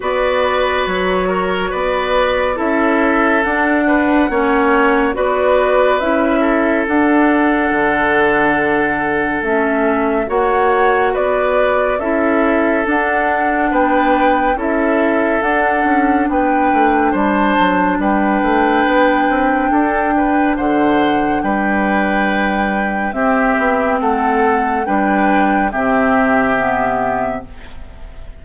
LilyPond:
<<
  \new Staff \with { instrumentName = "flute" } { \time 4/4 \tempo 4 = 70 d''4 cis''4 d''4 e''4 | fis''2 d''4 e''4 | fis''2. e''4 | fis''4 d''4 e''4 fis''4 |
g''4 e''4 fis''4 g''4 | a''4 g''2. | fis''4 g''2 e''4 | fis''4 g''4 e''2 | }
  \new Staff \with { instrumentName = "oboe" } { \time 4/4 b'4. ais'8 b'4 a'4~ | a'8 b'8 cis''4 b'4. a'8~ | a'1 | cis''4 b'4 a'2 |
b'4 a'2 b'4 | c''4 b'2 a'8 b'8 | c''4 b'2 g'4 | a'4 b'4 g'2 | }
  \new Staff \with { instrumentName = "clarinet" } { \time 4/4 fis'2. e'4 | d'4 cis'4 fis'4 e'4 | d'2. cis'4 | fis'2 e'4 d'4~ |
d'4 e'4 d'2~ | d'1~ | d'2. c'4~ | c'4 d'4 c'4 b4 | }
  \new Staff \with { instrumentName = "bassoon" } { \time 4/4 b4 fis4 b4 cis'4 | d'4 ais4 b4 cis'4 | d'4 d2 a4 | ais4 b4 cis'4 d'4 |
b4 cis'4 d'8 cis'8 b8 a8 | g8 fis8 g8 a8 b8 c'8 d'4 | d4 g2 c'8 b8 | a4 g4 c2 | }
>>